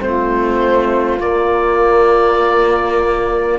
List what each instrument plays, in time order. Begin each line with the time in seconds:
0.00 cello A3, trombone C4, saxophone F4, oboe C5
1.19 cello A#3, trombone A#3, oboe D5